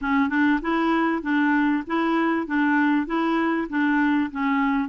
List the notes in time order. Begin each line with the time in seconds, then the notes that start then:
0.01 C#4
0.29 D4
0.61 E4
1.22 D4
1.86 E4
2.46 D4
3.06 E4
3.69 D4
4.31 C#4